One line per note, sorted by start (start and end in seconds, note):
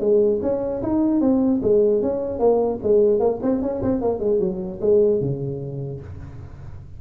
0.00 0.40 G#3
0.42 0.82 C#4
0.82 1.21 D#4
1.21 1.61 C4
1.62 2.02 G#3
2.02 2.39 C#4
2.39 2.79 A#3
2.83 3.19 G#3
3.19 3.39 A#3
3.43 3.62 C4
3.62 3.82 C#4
3.82 4.01 C4
4.01 4.19 A#3
4.19 4.39 G#3
4.40 4.80 F#3
4.81 5.21 G#3
5.21 6.01 C#3